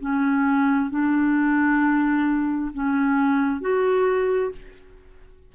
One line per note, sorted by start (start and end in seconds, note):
0.00 0.90 C#4
0.90 2.72 D4
2.74 3.61 C#4
3.61 4.52 F#4